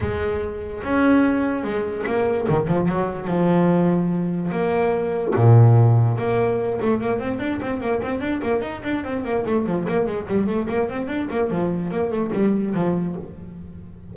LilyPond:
\new Staff \with { instrumentName = "double bass" } { \time 4/4 \tempo 4 = 146 gis2 cis'2 | gis4 ais4 dis8 f8 fis4 | f2. ais4~ | ais4 ais,2 ais4~ |
ais8 a8 ais8 c'8 d'8 c'8 ais8 c'8 | d'8 ais8 dis'8 d'8 c'8 ais8 a8 f8 | ais8 gis8 g8 a8 ais8 c'8 d'8 ais8 | f4 ais8 a8 g4 f4 | }